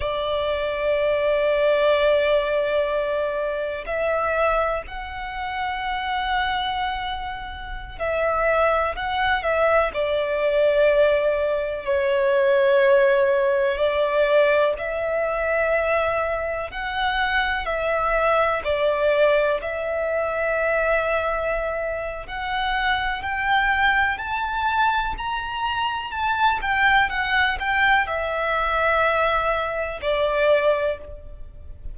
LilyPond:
\new Staff \with { instrumentName = "violin" } { \time 4/4 \tempo 4 = 62 d''1 | e''4 fis''2.~ | fis''16 e''4 fis''8 e''8 d''4.~ d''16~ | d''16 cis''2 d''4 e''8.~ |
e''4~ e''16 fis''4 e''4 d''8.~ | d''16 e''2~ e''8. fis''4 | g''4 a''4 ais''4 a''8 g''8 | fis''8 g''8 e''2 d''4 | }